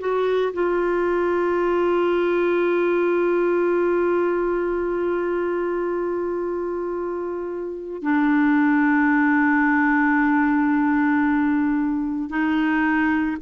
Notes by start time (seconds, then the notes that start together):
0.00 F#4
0.54 F4
8.03 D4
12.30 D#4